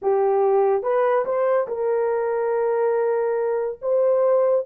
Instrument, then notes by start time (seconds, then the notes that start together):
horn
0.02 G4
0.82 B4
1.25 C5
1.67 A#4
3.81 C5